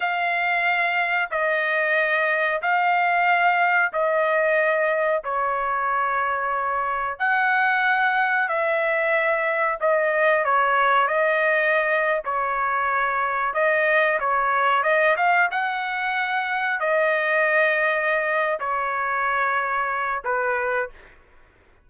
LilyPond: \new Staff \with { instrumentName = "trumpet" } { \time 4/4 \tempo 4 = 92 f''2 dis''2 | f''2 dis''2 | cis''2. fis''4~ | fis''4 e''2 dis''4 |
cis''4 dis''4.~ dis''16 cis''4~ cis''16~ | cis''8. dis''4 cis''4 dis''8 f''8 fis''16~ | fis''4.~ fis''16 dis''2~ dis''16~ | dis''8 cis''2~ cis''8 b'4 | }